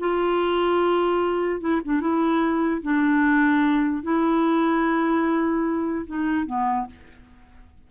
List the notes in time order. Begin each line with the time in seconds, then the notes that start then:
0.00 F4
1.61 E4
1.85 D4
2.01 E4
2.82 D4
4.04 E4
6.07 D#4
6.47 B3